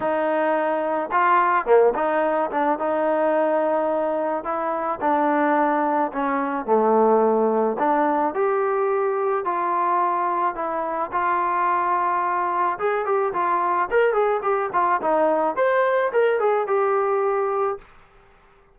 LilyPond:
\new Staff \with { instrumentName = "trombone" } { \time 4/4 \tempo 4 = 108 dis'2 f'4 ais8 dis'8~ | dis'8 d'8 dis'2. | e'4 d'2 cis'4 | a2 d'4 g'4~ |
g'4 f'2 e'4 | f'2. gis'8 g'8 | f'4 ais'8 gis'8 g'8 f'8 dis'4 | c''4 ais'8 gis'8 g'2 | }